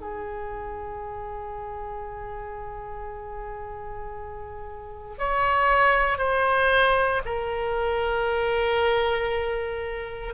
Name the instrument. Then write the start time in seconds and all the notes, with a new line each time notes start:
oboe
0.00 G#4
5.18 C#5
6.18 C5
7.25 A#4